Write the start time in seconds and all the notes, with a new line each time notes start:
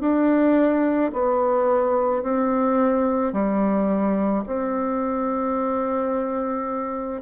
0.00 D4
1.12 B3
2.22 C4
3.32 G3
4.46 C4